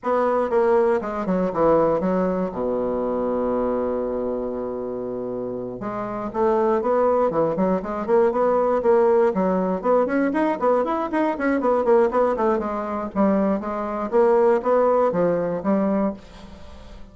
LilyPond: \new Staff \with { instrumentName = "bassoon" } { \time 4/4 \tempo 4 = 119 b4 ais4 gis8 fis8 e4 | fis4 b,2.~ | b,2.~ b,8 gis8~ | gis8 a4 b4 e8 fis8 gis8 |
ais8 b4 ais4 fis4 b8 | cis'8 dis'8 b8 e'8 dis'8 cis'8 b8 ais8 | b8 a8 gis4 g4 gis4 | ais4 b4 f4 g4 | }